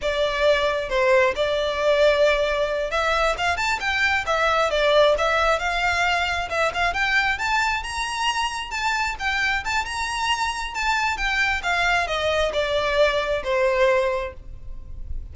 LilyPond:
\new Staff \with { instrumentName = "violin" } { \time 4/4 \tempo 4 = 134 d''2 c''4 d''4~ | d''2~ d''8 e''4 f''8 | a''8 g''4 e''4 d''4 e''8~ | e''8 f''2 e''8 f''8 g''8~ |
g''8 a''4 ais''2 a''8~ | a''8 g''4 a''8 ais''2 | a''4 g''4 f''4 dis''4 | d''2 c''2 | }